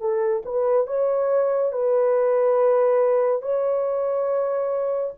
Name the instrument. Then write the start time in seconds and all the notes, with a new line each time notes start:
horn
0.00 A4
0.45 B4
0.87 C#5
1.73 B4
3.42 C#5